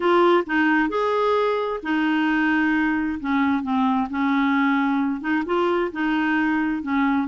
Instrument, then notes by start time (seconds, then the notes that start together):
clarinet
0.00 F4
0.46 D#4
0.89 G#4
1.82 D#4
3.19 C#4
3.62 C4
4.10 C#4
5.20 D#4
5.45 F4
5.92 D#4
6.82 C#4